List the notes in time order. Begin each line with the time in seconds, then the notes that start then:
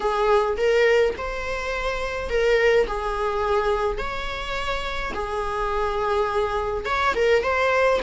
0.00 G#4
0.57 A#4
1.17 C5
2.29 A#4
2.87 G#4
3.98 C#5
5.14 G#4
6.85 C#5
7.15 A#4
7.43 C5